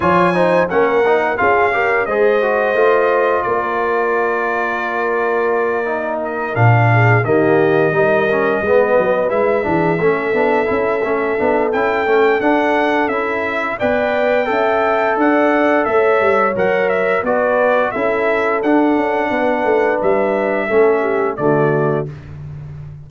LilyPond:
<<
  \new Staff \with { instrumentName = "trumpet" } { \time 4/4 \tempo 4 = 87 gis''4 fis''4 f''4 dis''4~ | dis''4 d''2.~ | d''4 dis''8 f''4 dis''4.~ | dis''4. e''2~ e''8~ |
e''4 g''4 fis''4 e''4 | g''2 fis''4 e''4 | fis''8 e''8 d''4 e''4 fis''4~ | fis''4 e''2 d''4 | }
  \new Staff \with { instrumentName = "horn" } { \time 4/4 cis''8 c''8 ais'4 gis'8 ais'8 c''4~ | c''4 ais'2.~ | ais'2 gis'8 g'4 ais'8~ | ais'8 b'4. gis'8 a'4.~ |
a'1 | d''4 e''4 d''4 cis''4~ | cis''4 b'4 a'2 | b'2 a'8 g'8 fis'4 | }
  \new Staff \with { instrumentName = "trombone" } { \time 4/4 f'8 dis'8 cis'8 dis'8 f'8 g'8 gis'8 fis'8 | f'1~ | f'8 dis'4 d'4 ais4 dis'8 | cis'8 b4 e'8 d'8 cis'8 d'8 e'8 |
cis'8 d'8 e'8 cis'8 d'4 e'4 | b'4 a'2. | ais'4 fis'4 e'4 d'4~ | d'2 cis'4 a4 | }
  \new Staff \with { instrumentName = "tuba" } { \time 4/4 f4 ais4 cis'4 gis4 | a4 ais2.~ | ais4. ais,4 dis4 g8~ | g8 gis8 fis8 gis8 e8 a8 b8 cis'8 |
a8 b8 cis'8 a8 d'4 cis'4 | b4 cis'4 d'4 a8 g8 | fis4 b4 cis'4 d'8 cis'8 | b8 a8 g4 a4 d4 | }
>>